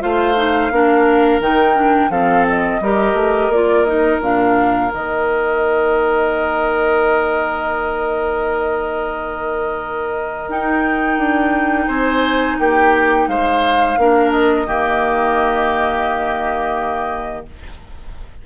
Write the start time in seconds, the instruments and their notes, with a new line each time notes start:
0.00 bassoon A3, clarinet F4, oboe C5, flute F5
0.35 clarinet D#4
0.70 bassoon A#3, clarinet D4, oboe A#4
1.39 bassoon D#3, clarinet D#4, flute G5
1.75 clarinet D4
2.09 bassoon F3, clarinet C4, oboe A4, flute F5
2.48 flute D#5
2.80 bassoon G3, clarinet G4, oboe A#4
3.13 bassoon A3
3.48 bassoon A#3, clarinet F4, flute D5
3.84 clarinet D#4, flute D#5
4.20 bassoon A#2, clarinet D4, flute F5
4.91 bassoon D#3, clarinet A#3, flute D#5
10.48 bassoon D#4, clarinet D#4, flute G5
11.17 bassoon D4
11.87 bassoon C4, oboe C5, flute G#5
12.58 bassoon A#3, oboe G4, flute G5
13.27 bassoon G#3, oboe C5, flute F5
13.97 bassoon A#3, clarinet D4, oboe A#4
14.31 flute D#5
14.66 bassoon D#3, clarinet A#3, oboe G4